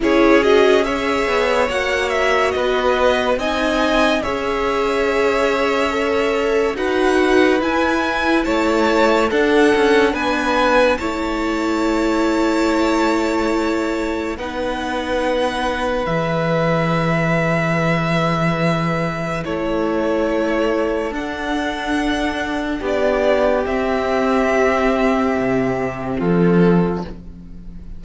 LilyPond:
<<
  \new Staff \with { instrumentName = "violin" } { \time 4/4 \tempo 4 = 71 cis''8 dis''8 e''4 fis''8 e''8 dis''4 | gis''4 e''2. | fis''4 gis''4 a''4 fis''4 | gis''4 a''2.~ |
a''4 fis''2 e''4~ | e''2. cis''4~ | cis''4 fis''2 d''4 | e''2. a'4 | }
  \new Staff \with { instrumentName = "violin" } { \time 4/4 gis'4 cis''2 b'4 | dis''4 cis''2. | b'2 cis''4 a'4 | b'4 cis''2.~ |
cis''4 b'2.~ | b'2. a'4~ | a'2. g'4~ | g'2. f'4 | }
  \new Staff \with { instrumentName = "viola" } { \time 4/4 e'8 fis'8 gis'4 fis'2 | dis'4 gis'2 a'4 | fis'4 e'2 d'4~ | d'4 e'2.~ |
e'4 dis'2 gis'4~ | gis'2. e'4~ | e'4 d'2. | c'1 | }
  \new Staff \with { instrumentName = "cello" } { \time 4/4 cis'4. b8 ais4 b4 | c'4 cis'2. | dis'4 e'4 a4 d'8 cis'8 | b4 a2.~ |
a4 b2 e4~ | e2. a4~ | a4 d'2 b4 | c'2 c4 f4 | }
>>